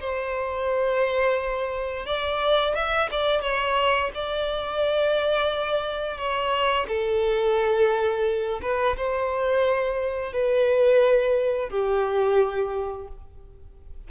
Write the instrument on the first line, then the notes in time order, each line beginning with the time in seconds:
violin
0.00 C5
2.06 D5
2.75 E5
3.11 D5
3.42 C#5
4.15 D5
6.18 C#5
6.88 A4
8.62 B4
8.97 C5
10.33 B4
11.70 G4